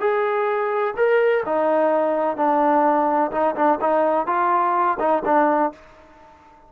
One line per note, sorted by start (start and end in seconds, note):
0.00 0.94 G#4
0.97 1.44 A#4
1.46 2.37 D#4
2.37 3.31 D4
3.32 3.55 D#4
3.56 3.79 D4
3.81 4.27 D#4
4.27 4.98 F4
5.00 5.23 D#4
5.25 5.72 D4